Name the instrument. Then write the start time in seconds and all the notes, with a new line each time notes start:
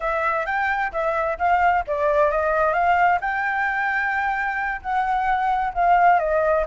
flute
0.00 E5
0.46 G5
0.92 E5
1.38 F5
1.87 D5
2.31 D#5
2.73 F5
3.20 G5
4.81 F#5
5.74 F5
6.19 D#5